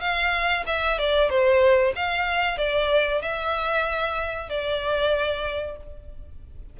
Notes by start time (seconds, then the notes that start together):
0.00 F5
0.66 E5
0.98 D5
1.30 C5
1.95 F5
2.58 D5
3.21 E5
4.49 D5